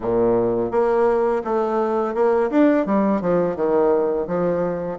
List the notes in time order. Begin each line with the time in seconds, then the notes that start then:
0.00 A#2
0.71 A#3
1.44 A3
2.14 A#3
2.50 D4
2.85 G3
3.21 F3
3.56 D#3
4.27 F3